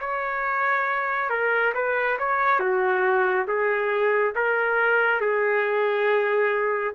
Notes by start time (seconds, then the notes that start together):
0.00 C#5
1.30 A#4
1.74 B4
2.19 C#5
2.60 F#4
3.47 G#4
4.35 A#4
5.21 G#4